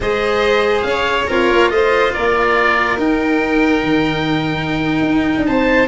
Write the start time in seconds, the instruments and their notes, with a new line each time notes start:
0.00 tuba G#3, cello G#4, violin C5, oboe D#5
0.81 tuba C#4, oboe F5
0.88 violin C#5
1.27 tuba C4, violin F4, cello A#4, oboe C#5
1.50 tuba A#3
1.69 tuba A3, cello F4, violin C5, oboe D#5
2.13 tuba A#3, violin A#4, oboe D5
2.97 tuba D#4, cello D#4, oboe G5
3.83 tuba D#3
5.01 tuba D#4
5.37 tuba D4
5.46 tuba C4, violin C5, oboe A5